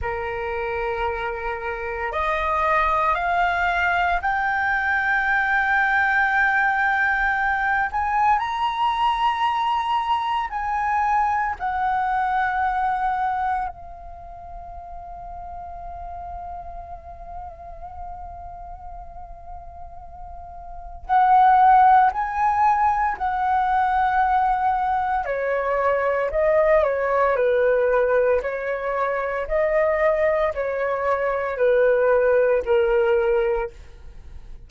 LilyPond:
\new Staff \with { instrumentName = "flute" } { \time 4/4 \tempo 4 = 57 ais'2 dis''4 f''4 | g''2.~ g''8 gis''8 | ais''2 gis''4 fis''4~ | fis''4 f''2.~ |
f''1 | fis''4 gis''4 fis''2 | cis''4 dis''8 cis''8 b'4 cis''4 | dis''4 cis''4 b'4 ais'4 | }